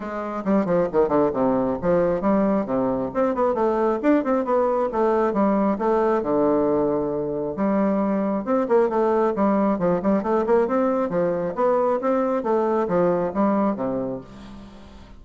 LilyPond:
\new Staff \with { instrumentName = "bassoon" } { \time 4/4 \tempo 4 = 135 gis4 g8 f8 dis8 d8 c4 | f4 g4 c4 c'8 b8 | a4 d'8 c'8 b4 a4 | g4 a4 d2~ |
d4 g2 c'8 ais8 | a4 g4 f8 g8 a8 ais8 | c'4 f4 b4 c'4 | a4 f4 g4 c4 | }